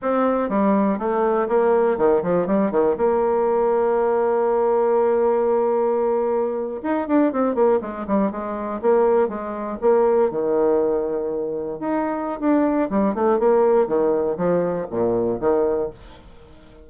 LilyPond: \new Staff \with { instrumentName = "bassoon" } { \time 4/4 \tempo 4 = 121 c'4 g4 a4 ais4 | dis8 f8 g8 dis8 ais2~ | ais1~ | ais4.~ ais16 dis'8 d'8 c'8 ais8 gis16~ |
gis16 g8 gis4 ais4 gis4 ais16~ | ais8. dis2. dis'16~ | dis'4 d'4 g8 a8 ais4 | dis4 f4 ais,4 dis4 | }